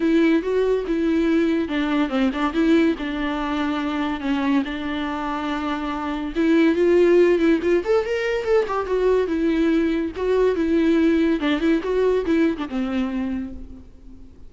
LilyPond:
\new Staff \with { instrumentName = "viola" } { \time 4/4 \tempo 4 = 142 e'4 fis'4 e'2 | d'4 c'8 d'8 e'4 d'4~ | d'2 cis'4 d'4~ | d'2. e'4 |
f'4. e'8 f'8 a'8 ais'4 | a'8 g'8 fis'4 e'2 | fis'4 e'2 d'8 e'8 | fis'4 e'8. d'16 c'2 | }